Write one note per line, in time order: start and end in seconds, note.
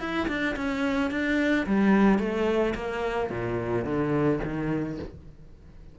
0.00 0.28 E4
0.28 0.56 D4
0.56 1.11 C#4
1.11 1.66 D4
1.67 2.19 G3
2.19 2.74 A3
2.75 3.30 A#3
3.30 3.85 A#2
3.85 4.40 D3
4.44 4.99 D#3